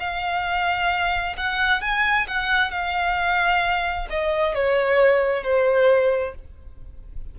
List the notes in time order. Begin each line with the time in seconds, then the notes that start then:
0.00 F5
1.37 F#5
1.82 G#5
2.28 F#5
2.71 F5
4.10 D#5
4.55 C#5
5.44 C5